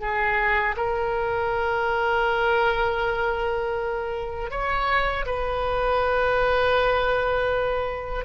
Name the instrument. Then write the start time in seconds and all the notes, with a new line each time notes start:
oboe
0.00 G#4
0.76 A#4
4.50 C#5
5.25 B4